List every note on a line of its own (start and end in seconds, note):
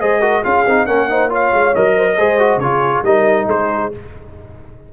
0.00 0.44 G#3
0.00 0.21 G#4
0.00 0.20 C5
0.00 0.44 D#5
0.20 0.43 F#4
0.20 0.42 A#4
0.43 0.66 C#4
0.43 0.65 F4
0.43 0.87 G#4
0.43 0.86 F5
0.66 0.87 C4
0.66 0.87 D#4
0.86 1.53 A#3
0.86 1.09 C#4
0.86 1.09 A#4
0.86 1.30 F#5
1.10 1.29 D#4
1.10 1.29 C5
1.29 1.73 F4
1.29 1.95 C#5
1.29 1.75 F5
1.53 1.75 G#3
1.75 2.19 F#3
1.75 2.18 A#4
1.75 2.60 D#5
1.97 2.07 C5
2.07 2.18 A#4
2.18 2.57 G#3
2.18 2.39 G#4
2.18 2.61 C5
2.39 2.61 F#4
2.57 3.01 C#3
2.57 3.05 F4
2.57 3.05 G#4
2.57 3.03 C#5
3.02 3.46 G3
3.02 3.92 D#4
3.02 3.47 A#4
3.02 3.48 D#5
3.47 3.91 G#3
3.47 3.91 G#4
3.47 3.93 C5